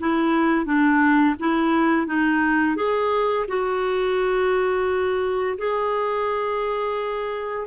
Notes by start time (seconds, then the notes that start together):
0.00 E4
0.66 D4
1.40 E4
2.07 D#4
2.76 G#4
3.48 F#4
5.58 G#4